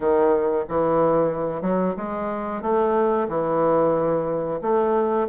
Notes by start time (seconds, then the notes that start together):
0.00 D#3
0.68 E3
1.61 F#3
1.96 G#3
2.61 A3
3.28 E3
4.61 A3